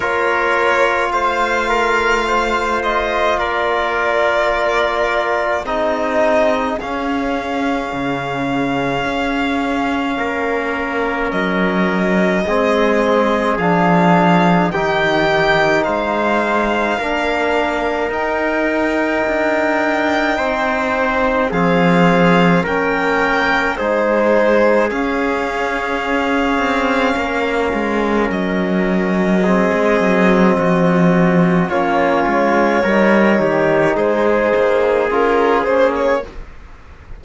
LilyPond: <<
  \new Staff \with { instrumentName = "violin" } { \time 4/4 \tempo 4 = 53 cis''4 f''4. dis''8 d''4~ | d''4 dis''4 f''2~ | f''2 dis''2 | f''4 g''4 f''2 |
g''2. f''4 | g''4 c''4 f''2~ | f''4 dis''2. | cis''2 c''4 ais'8 c''16 cis''16 | }
  \new Staff \with { instrumentName = "trumpet" } { \time 4/4 ais'4 c''8 ais'8 c''4 ais'4~ | ais'4 gis'2.~ | gis'4 ais'2 gis'4~ | gis'4 g'4 c''4 ais'4~ |
ais'2 c''4 gis'4 | ais'4 gis'2. | ais'2 gis'4 fis'4 | f'4 ais'8 g'8 gis'2 | }
  \new Staff \with { instrumentName = "trombone" } { \time 4/4 f'1~ | f'4 dis'4 cis'2~ | cis'2. c'4 | d'4 dis'2 d'4 |
dis'2. c'4 | cis'4 dis'4 cis'2~ | cis'2 c'2 | cis'4 dis'2 f'8 cis'8 | }
  \new Staff \with { instrumentName = "cello" } { \time 4/4 ais4 a2 ais4~ | ais4 c'4 cis'4 cis4 | cis'4 ais4 fis4 gis4 | f4 dis4 gis4 ais4 |
dis'4 d'4 c'4 f4 | ais4 gis4 cis'4. c'8 | ais8 gis8 fis4~ fis16 gis16 fis8 f4 | ais8 gis8 g8 dis8 gis8 ais8 cis'8 ais8 | }
>>